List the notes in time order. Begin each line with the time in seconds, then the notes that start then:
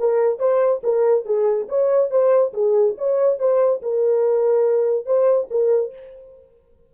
0.00 A#4
0.40 C5
0.84 A#4
1.26 G#4
1.69 C#5
2.11 C5
2.54 G#4
2.98 C#5
3.40 C5
3.83 A#4
5.06 C5
5.51 A#4